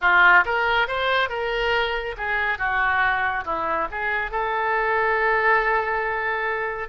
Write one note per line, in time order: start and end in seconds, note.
0.01 0.44 F4
0.45 0.87 A#4
0.87 1.29 C5
1.29 2.15 A#4
2.17 2.58 G#4
2.58 3.44 F#4
3.45 3.88 E4
3.91 4.31 G#4
4.31 6.88 A4